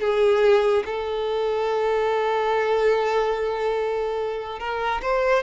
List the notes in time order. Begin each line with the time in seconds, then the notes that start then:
0.00 G#4
0.85 A4
4.59 A#4
5.02 C5